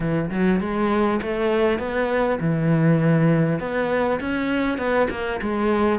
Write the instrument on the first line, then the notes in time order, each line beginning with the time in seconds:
cello
0.00 E3
0.30 F#3
0.60 G#3
1.22 A3
1.78 B3
2.40 E3
3.59 B3
4.20 C#4
4.78 B3
5.10 A#3
5.41 G#3